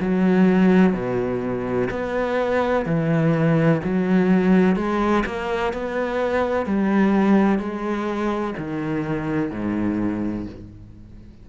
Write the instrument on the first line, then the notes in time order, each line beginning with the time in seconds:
cello
0.00 F#3
0.93 B2
1.90 B3
2.85 E3
3.84 F#3
4.76 G#3
5.26 A#3
5.73 B3
6.65 G3
7.58 G#3
8.57 D#3
9.50 G#2